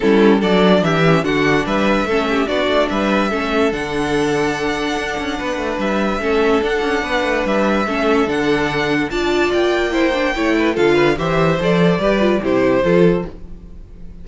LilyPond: <<
  \new Staff \with { instrumentName = "violin" } { \time 4/4 \tempo 4 = 145 a'4 d''4 e''4 fis''4 | e''2 d''4 e''4~ | e''4 fis''2.~ | fis''2 e''2 |
fis''2 e''2 | fis''2 a''4 g''4~ | g''2 f''4 e''4 | d''2 c''2 | }
  \new Staff \with { instrumentName = "violin" } { \time 4/4 e'4 a'4 g'4 fis'4 | b'4 a'8 g'8 fis'4 b'4 | a'1~ | a'4 b'2 a'4~ |
a'4 b'2 a'4~ | a'2 d''2 | c''4 cis''8 b'8 a'8 b'8 c''4~ | c''4 b'4 g'4 a'4 | }
  \new Staff \with { instrumentName = "viola" } { \time 4/4 cis'4 d'4. cis'8 d'4~ | d'4 cis'4 d'2 | cis'4 d'2.~ | d'2. cis'4 |
d'2. cis'4 | d'2 f'2 | e'8 d'8 e'4 f'4 g'4 | a'4 g'8 f'8 e'4 f'4 | }
  \new Staff \with { instrumentName = "cello" } { \time 4/4 g4 fis4 e4 d4 | g4 a4 b8 a8 g4 | a4 d2. | d'8 cis'8 b8 a8 g4 a4 |
d'8 cis'8 b8 a8 g4 a4 | d2 d'4 ais4~ | ais4 a4 d4 e4 | f4 g4 c4 f4 | }
>>